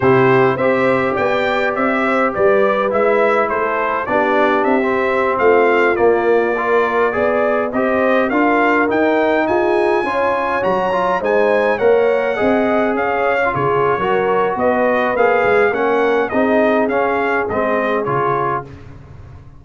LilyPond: <<
  \new Staff \with { instrumentName = "trumpet" } { \time 4/4 \tempo 4 = 103 c''4 e''4 g''4 e''4 | d''4 e''4 c''4 d''4 | e''4~ e''16 f''4 d''4.~ d''16~ | d''4~ d''16 dis''4 f''4 g''8.~ |
g''16 gis''2 ais''4 gis''8.~ | gis''16 fis''2 f''4 cis''8.~ | cis''4 dis''4 f''4 fis''4 | dis''4 f''4 dis''4 cis''4 | }
  \new Staff \with { instrumentName = "horn" } { \time 4/4 g'4 c''4 d''4. c''8 | b'2 a'4 g'4~ | g'4~ g'16 f'2 ais'8.~ | ais'16 d''4 c''4 ais'4.~ ais'16~ |
ais'16 gis'4 cis''2 c''8.~ | c''16 cis''4 dis''4 cis''4 gis'8. | ais'4 b'2 ais'4 | gis'1 | }
  \new Staff \with { instrumentName = "trombone" } { \time 4/4 e'4 g'2.~ | g'4 e'2 d'4~ | d'16 c'2 ais4 f'8.~ | f'16 gis'4 g'4 f'4 dis'8.~ |
dis'4~ dis'16 f'4 fis'8 f'8 dis'8.~ | dis'16 ais'4 gis'4.~ gis'16 f'4 | fis'2 gis'4 cis'4 | dis'4 cis'4 c'4 f'4 | }
  \new Staff \with { instrumentName = "tuba" } { \time 4/4 c4 c'4 b4 c'4 | g4 gis4 a4 b4 | c'4~ c'16 a4 ais4.~ ais16~ | ais16 b4 c'4 d'4 dis'8.~ |
dis'16 f'4 cis'4 fis4 gis8.~ | gis16 ais4 c'4 cis'4 cis8. | fis4 b4 ais8 gis8 ais4 | c'4 cis'4 gis4 cis4 | }
>>